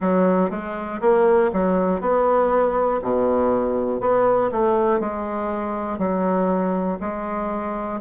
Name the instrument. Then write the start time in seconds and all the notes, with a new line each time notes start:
bassoon
0.00 F#3
0.50 G#3
1.00 A#3
1.52 F#3
2.00 B3
3.02 B2
4.00 B3
4.51 A3
5.00 G#3
5.98 F#3
7.00 G#3